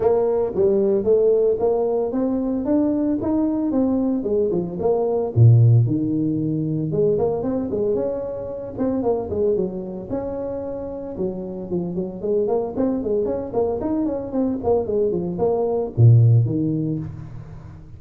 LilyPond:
\new Staff \with { instrumentName = "tuba" } { \time 4/4 \tempo 4 = 113 ais4 g4 a4 ais4 | c'4 d'4 dis'4 c'4 | gis8 f8 ais4 ais,4 dis4~ | dis4 gis8 ais8 c'8 gis8 cis'4~ |
cis'8 c'8 ais8 gis8 fis4 cis'4~ | cis'4 fis4 f8 fis8 gis8 ais8 | c'8 gis8 cis'8 ais8 dis'8 cis'8 c'8 ais8 | gis8 f8 ais4 ais,4 dis4 | }